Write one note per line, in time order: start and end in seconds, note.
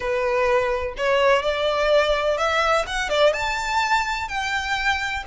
0.00 0.94 B4
0.97 1.42 C#5
1.42 2.37 D5
2.37 2.85 E5
2.86 3.09 F#5
3.09 3.33 D5
3.33 4.28 A5
4.28 5.23 G5